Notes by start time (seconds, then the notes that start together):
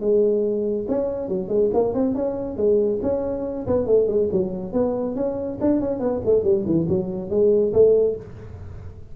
0.00 G#3
0.88 C#4
1.28 F#3
1.48 G#3
1.74 A#3
1.94 C4
2.14 C#4
2.57 G#3
3.02 C#4
3.66 B3
3.86 A3
4.07 G#3
4.32 F#3
4.73 B3
5.15 C#4
5.61 D4
5.80 C#4
6.00 B3
6.25 A3
6.43 G3
6.65 E3
6.89 F#3
7.30 G#3
7.73 A3